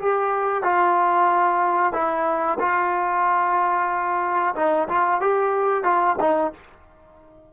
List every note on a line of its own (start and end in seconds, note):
0.00 0.63 G4
0.63 1.93 F4
1.93 2.58 E4
2.60 4.55 F4
4.56 4.89 D#4
4.89 5.21 F4
5.21 5.84 G4
5.84 6.17 F4
6.20 6.53 D#4